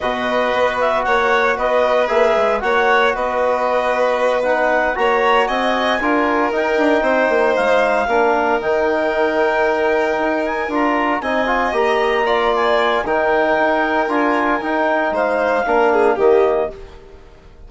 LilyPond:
<<
  \new Staff \with { instrumentName = "clarinet" } { \time 4/4 \tempo 4 = 115 dis''4. e''8 fis''4 dis''4 | e''4 fis''4 dis''2~ | dis''8 fis''4 ais''4 gis''4.~ | gis''8 g''2 f''4.~ |
f''8 g''2.~ g''8 | gis''8 ais''4 gis''4 ais''4. | gis''4 g''2 gis''4 | g''4 f''2 dis''4 | }
  \new Staff \with { instrumentName = "violin" } { \time 4/4 b'2 cis''4 b'4~ | b'4 cis''4 b'2~ | b'4. cis''4 dis''4 ais'8~ | ais'4. c''2 ais'8~ |
ais'1~ | ais'4. dis''2 d''8~ | d''4 ais'2.~ | ais'4 c''4 ais'8 gis'8 g'4 | }
  \new Staff \with { instrumentName = "trombone" } { \time 4/4 fis'1 | gis'4 fis'2.~ | fis'8 dis'4 fis'2 f'8~ | f'8 dis'2. d'8~ |
d'8 dis'2.~ dis'8~ | dis'8 f'4 dis'8 f'8 g'4 f'8~ | f'4 dis'2 f'4 | dis'2 d'4 ais4 | }
  \new Staff \with { instrumentName = "bassoon" } { \time 4/4 b,4 b4 ais4 b4 | ais8 gis8 ais4 b2~ | b4. ais4 c'4 d'8~ | d'8 dis'8 d'8 c'8 ais8 gis4 ais8~ |
ais8 dis2. dis'8~ | dis'8 d'4 c'4 ais4.~ | ais4 dis4 dis'4 d'4 | dis'4 gis4 ais4 dis4 | }
>>